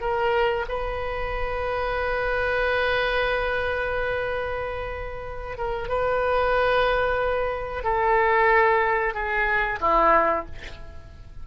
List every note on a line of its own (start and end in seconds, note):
0.00 0.65 A#4
0.68 5.57 B4
5.57 5.88 A#4
5.88 7.83 B4
7.83 9.14 A4
9.14 9.79 G#4
9.80 10.45 E4